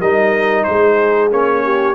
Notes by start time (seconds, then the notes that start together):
0.00 G3 D#4 A#4 D#5
0.64 G#3 G#4 C5
1.31 A#3 C#4 C#5
1.64 G4